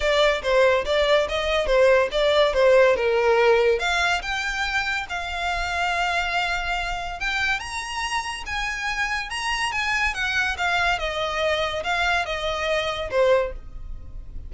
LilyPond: \new Staff \with { instrumentName = "violin" } { \time 4/4 \tempo 4 = 142 d''4 c''4 d''4 dis''4 | c''4 d''4 c''4 ais'4~ | ais'4 f''4 g''2 | f''1~ |
f''4 g''4 ais''2 | gis''2 ais''4 gis''4 | fis''4 f''4 dis''2 | f''4 dis''2 c''4 | }